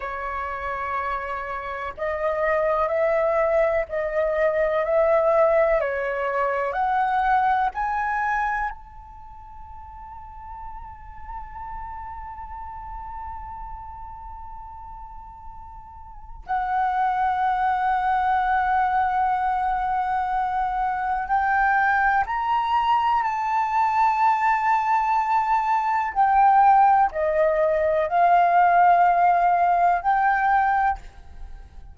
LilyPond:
\new Staff \with { instrumentName = "flute" } { \time 4/4 \tempo 4 = 62 cis''2 dis''4 e''4 | dis''4 e''4 cis''4 fis''4 | gis''4 a''2.~ | a''1~ |
a''4 fis''2.~ | fis''2 g''4 ais''4 | a''2. g''4 | dis''4 f''2 g''4 | }